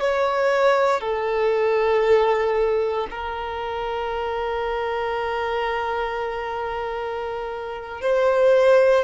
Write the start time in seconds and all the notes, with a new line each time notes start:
0.00 C#5
1.00 A4
3.10 A#4
8.01 C5